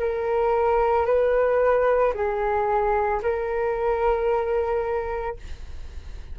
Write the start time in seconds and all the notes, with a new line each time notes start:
0.00 A#4
1.06 B4
2.14 G#4
3.22 A#4